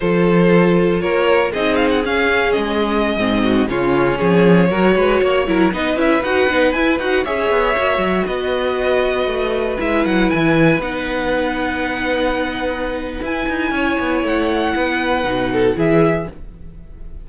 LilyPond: <<
  \new Staff \with { instrumentName = "violin" } { \time 4/4 \tempo 4 = 118 c''2 cis''4 dis''8 f''16 fis''16 | f''4 dis''2~ dis''16 cis''8.~ | cis''2.~ cis''16 dis''8 e''16~ | e''16 fis''4 gis''8 fis''8 e''4.~ e''16~ |
e''16 dis''2. e''8 fis''16~ | fis''16 gis''4 fis''2~ fis''8.~ | fis''2 gis''2 | fis''2. e''4 | }
  \new Staff \with { instrumentName = "violin" } { \time 4/4 a'2 ais'4 gis'4~ | gis'2~ gis'8. fis'8 f'8.~ | f'16 gis'4 ais'8 b'8 cis''8 ais'8 b'8.~ | b'2~ b'16 cis''4.~ cis''16~ |
cis''16 b'2.~ b'8.~ | b'1~ | b'2. cis''4~ | cis''4 b'4. a'8 gis'4 | }
  \new Staff \with { instrumentName = "viola" } { \time 4/4 f'2. dis'4 | cis'2~ cis'16 c'4 cis'8.~ | cis'4~ cis'16 fis'4. e'8 dis'8 e'16~ | e'16 fis'8 dis'8 e'8 fis'8 gis'4 fis'8.~ |
fis'2.~ fis'16 e'8.~ | e'4~ e'16 dis'2~ dis'8.~ | dis'2 e'2~ | e'2 dis'4 e'4 | }
  \new Staff \with { instrumentName = "cello" } { \time 4/4 f2 ais4 c'4 | cis'4 gis4~ gis16 gis,4 cis8.~ | cis16 f4 fis8 gis8 ais8 fis8 b8 cis'16~ | cis'16 dis'8 b8 e'8 dis'8 cis'8 b8 ais8 fis16~ |
fis16 b2 a4 gis8 fis16~ | fis16 e4 b2~ b8.~ | b2 e'8 dis'8 cis'8 b8 | a4 b4 b,4 e4 | }
>>